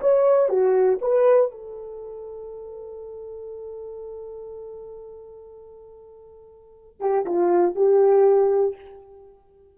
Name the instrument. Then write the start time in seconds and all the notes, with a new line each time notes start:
horn
0.00 C#5
0.49 F#4
1.01 B4
1.51 A4
7.00 G4
7.25 F4
7.75 G4